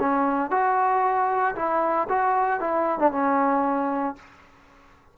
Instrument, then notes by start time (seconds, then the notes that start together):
trombone
0.00 C#4
0.51 F#4
1.56 E4
2.09 F#4
2.60 E4
2.99 D4
3.12 C#4